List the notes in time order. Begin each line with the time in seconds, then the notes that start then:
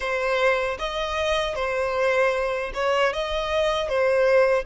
0.00 C5
0.78 D#5
1.55 C5
2.74 C#5
3.13 D#5
3.89 C5